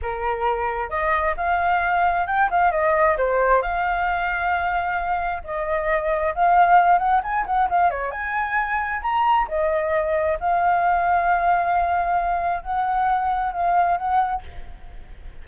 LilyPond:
\new Staff \with { instrumentName = "flute" } { \time 4/4 \tempo 4 = 133 ais'2 dis''4 f''4~ | f''4 g''8 f''8 dis''4 c''4 | f''1 | dis''2 f''4. fis''8 |
gis''8 fis''8 f''8 cis''8 gis''2 | ais''4 dis''2 f''4~ | f''1 | fis''2 f''4 fis''4 | }